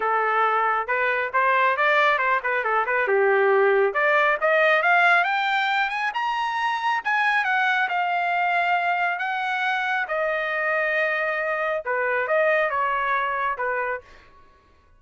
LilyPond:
\new Staff \with { instrumentName = "trumpet" } { \time 4/4 \tempo 4 = 137 a'2 b'4 c''4 | d''4 c''8 b'8 a'8 b'8 g'4~ | g'4 d''4 dis''4 f''4 | g''4. gis''8 ais''2 |
gis''4 fis''4 f''2~ | f''4 fis''2 dis''4~ | dis''2. b'4 | dis''4 cis''2 b'4 | }